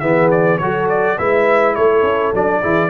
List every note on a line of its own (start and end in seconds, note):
0.00 0.60 E3
0.00 0.60 B3
0.00 0.60 G#4
0.00 0.29 E5
0.31 0.58 D5
0.58 1.19 F#3
0.58 1.19 F#4
0.58 1.18 A4
0.58 0.87 C#5
0.89 1.19 D5
1.18 1.77 G#3
1.18 2.35 E4
1.18 1.76 B4
1.18 1.75 E5
1.75 2.03 A3
1.75 2.61 A4
1.75 2.33 C#5
2.03 2.32 C#4
2.34 2.63 F#3
2.34 2.63 D4
2.34 2.90 D5
2.61 2.90 E3
2.61 2.90 E4
2.61 2.90 G#4